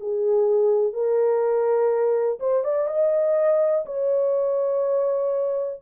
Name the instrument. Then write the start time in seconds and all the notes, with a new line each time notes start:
horn
0.00 G#4
0.93 A#4
2.40 C5
2.64 D5
2.88 D#5
3.86 C#5